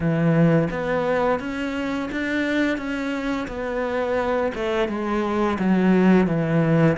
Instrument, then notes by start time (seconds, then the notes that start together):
cello
0.00 E3
0.70 B3
1.39 C#4
2.11 D4
2.77 C#4
3.47 B3
4.54 A3
4.88 G#3
5.59 F#3
6.27 E3